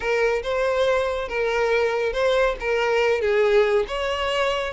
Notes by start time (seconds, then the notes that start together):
0.00 A#4
0.43 C5
1.28 A#4
2.13 C5
2.60 A#4
3.21 G#4
3.87 C#5